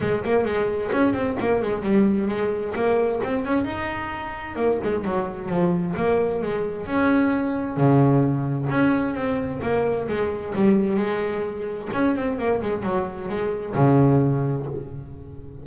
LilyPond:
\new Staff \with { instrumentName = "double bass" } { \time 4/4 \tempo 4 = 131 gis8 ais8 gis4 cis'8 c'8 ais8 gis8 | g4 gis4 ais4 c'8 cis'8 | dis'2 ais8 gis8 fis4 | f4 ais4 gis4 cis'4~ |
cis'4 cis2 cis'4 | c'4 ais4 gis4 g4 | gis2 cis'8 c'8 ais8 gis8 | fis4 gis4 cis2 | }